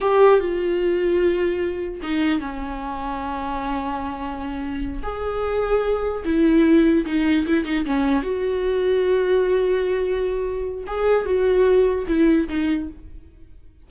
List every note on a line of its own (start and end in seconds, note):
0.00 0.39 G4
0.39 2.00 F4
2.02 2.40 D#4
2.40 5.02 C#4
5.02 6.23 G#4
6.24 7.05 E4
7.06 7.46 D#4
7.47 7.65 E4
7.65 7.85 D#4
7.85 8.22 C#4
8.22 10.84 F#4
10.87 11.25 G#4
11.25 12.06 F#4
12.07 12.48 E4
12.48 12.88 D#4